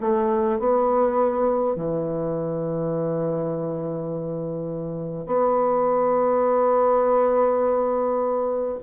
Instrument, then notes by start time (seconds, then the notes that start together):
bassoon
0.00 A3
0.59 B3
1.75 E3
5.26 B3